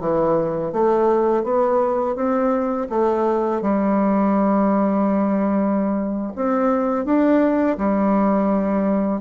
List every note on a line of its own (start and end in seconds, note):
0.00 0.72 E3
0.72 1.43 A3
1.43 2.15 B3
2.15 2.88 C4
2.89 3.61 A3
3.61 6.33 G3
6.35 7.05 C4
7.05 7.77 D4
7.77 9.21 G3